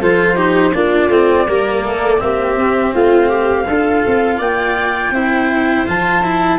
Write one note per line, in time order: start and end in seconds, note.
0.00 0.74 F3
0.00 0.36 F4
0.00 0.36 A4
0.00 0.74 C5
0.36 0.72 D#4
0.36 0.73 G4
0.74 1.08 A#3
0.74 1.11 D4
0.74 1.47 F4
0.74 2.20 D5
1.08 1.45 A3
1.08 1.47 C4
1.48 1.84 G3
1.48 2.18 A#3
1.48 1.85 A#4
1.84 2.21 A3
1.84 2.21 A4
2.18 2.56 A#3
2.18 3.64 C4
2.18 2.94 G4
2.18 2.93 E5
2.56 2.93 C4
2.94 3.67 A3
2.94 3.29 F4
2.94 4.40 F5
3.29 3.65 G4
3.68 4.04 D4
3.68 5.14 F4
3.68 4.38 A4
4.06 4.39 C4
4.38 5.11 A#3
4.38 5.11 D5
4.38 5.86 G5
5.11 5.84 C4
5.11 5.87 E4
5.11 6.59 C5
5.87 6.59 F3
5.87 6.23 F4
5.87 6.59 A5
6.23 6.59 E4